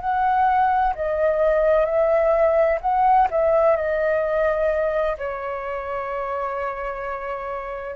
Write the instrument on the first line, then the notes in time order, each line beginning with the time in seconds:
flute
0.00 F#5
0.95 D#5
1.85 E5
2.81 F#5
3.31 E5
3.76 D#5
5.17 C#5